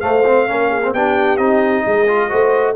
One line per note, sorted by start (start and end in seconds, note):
0.00 0.24 A3
0.00 0.49 A3
0.00 0.48 C5
0.00 0.92 F5
0.26 0.48 C4
0.48 0.93 A#3
0.48 0.82 C#4
0.48 0.70 A#4
0.70 0.93 G#4
0.83 0.95 C4
0.93 1.38 B3
0.93 1.38 D4
0.93 1.85 G4
0.93 1.37 G5
1.37 1.84 C4
1.37 2.07 D#4
1.37 2.75 D#5
1.85 2.31 G#3
1.85 2.29 G#4
2.08 2.30 F4
2.29 2.76 A3
2.29 2.75 F#4
2.29 2.75 C5